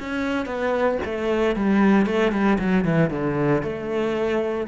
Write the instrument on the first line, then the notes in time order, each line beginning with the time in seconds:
cello
0.00 C#4
0.46 B3
1.05 A3
1.56 G3
2.07 A3
2.32 G3
2.59 F#3
2.85 E3
3.11 D3
3.63 A3